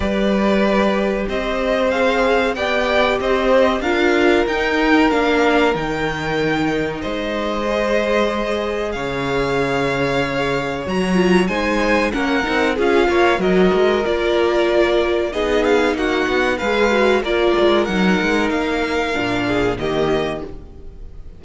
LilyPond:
<<
  \new Staff \with { instrumentName = "violin" } { \time 4/4 \tempo 4 = 94 d''2 dis''4 f''4 | g''4 dis''4 f''4 g''4 | f''4 g''2 dis''4~ | dis''2 f''2~ |
f''4 ais''4 gis''4 fis''4 | f''4 dis''4 d''2 | dis''8 f''8 fis''4 f''4 d''4 | fis''4 f''2 dis''4 | }
  \new Staff \with { instrumentName = "violin" } { \time 4/4 b'2 c''2 | d''4 c''4 ais'2~ | ais'2. c''4~ | c''2 cis''2~ |
cis''2 c''4 ais'4 | gis'8 cis''8 ais'2. | gis'4 fis'4 b'4 ais'4~ | ais'2~ ais'8 gis'8 g'4 | }
  \new Staff \with { instrumentName = "viola" } { \time 4/4 g'2. gis'4 | g'2 f'4 dis'4 | d'4 dis'2. | gis'1~ |
gis'4 fis'8 f'8 dis'4 cis'8 dis'8 | f'4 fis'4 f'2 | dis'2 gis'8 fis'8 f'4 | dis'2 d'4 ais4 | }
  \new Staff \with { instrumentName = "cello" } { \time 4/4 g2 c'2 | b4 c'4 d'4 dis'4 | ais4 dis2 gis4~ | gis2 cis2~ |
cis4 fis4 gis4 ais8 c'8 | cis'8 ais8 fis8 gis8 ais2 | b4 ais8 b8 gis4 ais8 gis8 | fis8 gis8 ais4 ais,4 dis4 | }
>>